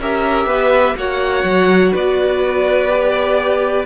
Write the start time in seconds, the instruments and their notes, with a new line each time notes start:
0.00 cello C#4, viola G4, violin A#4 E5
0.47 cello B3, violin B4
0.97 cello A#3, viola F#4, violin C#5 F#5
1.44 cello F#3
1.93 cello B3, violin B4 D5
2.89 viola G4